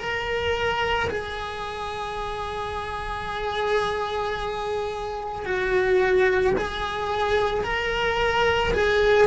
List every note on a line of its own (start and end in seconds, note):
0.00 1.09 A#4
1.10 5.45 G#4
5.45 6.54 F#4
6.58 7.64 G#4
7.64 8.73 A#4
8.73 9.27 G#4